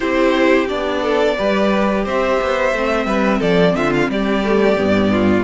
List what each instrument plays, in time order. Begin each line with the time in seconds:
0.00 cello C4, viola E4, violin G4 C5
0.67 cello B3, viola D4, violin D5
1.02 violin A4
1.37 cello G3, viola G4, violin B4
2.04 cello C4, violin C5 E5
2.41 cello B3
2.73 cello A3, viola C4
3.05 cello G3, violin B4
3.38 cello F3, violin A4 D5
3.74 cello D3, violin F4 E5
3.93 violin F5
4.08 cello G3, violin G4 D5
4.44 viola A3
4.77 cello G2, viola B3
5.12 violin F4